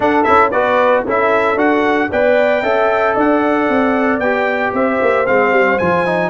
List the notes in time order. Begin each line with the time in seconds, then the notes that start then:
0.00 D4 A4 F#5
0.23 C#4 E4 E5
0.50 B3 F#4 B4 D5
1.05 C#4 E4 A4 E5
1.55 D4 F#4 F#5
2.11 B3 B4 D5 G5
2.62 C#4 A4 E5
3.15 D4 D5 F#5
3.68 C4
4.19 B3 G4 G5
4.73 C4 C5 E5
5.01 A#3
5.26 G#3 C4 F5
5.51 G3
5.78 F3 F4 G#5
6.05 D#4